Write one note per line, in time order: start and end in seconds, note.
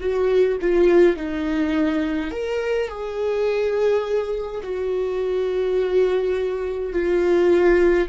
0.00 0.58 F#4
0.61 1.16 F4
1.16 2.31 D#4
2.31 2.88 A#4
2.88 4.62 G#4
4.63 6.93 F#4
6.93 8.08 F4